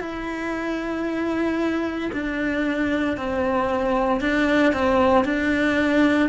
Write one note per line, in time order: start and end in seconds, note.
0.00 2.11 E4
2.12 3.17 D4
3.17 4.21 C4
4.21 4.73 D4
4.73 5.24 C4
5.24 6.29 D4